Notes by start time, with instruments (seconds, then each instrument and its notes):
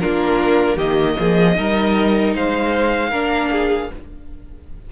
0.00 cello A#3, viola D4, violin F4 A#4
0.76 cello D#3, viola A#3, violin G4 D#5
1.19 cello F3, violin G#4
1.55 cello G3, viola D#4, violin A#4
2.34 cello G#3, violin C5 F5
3.10 cello A#3, viola D4, violin A#4
3.51 violin G#4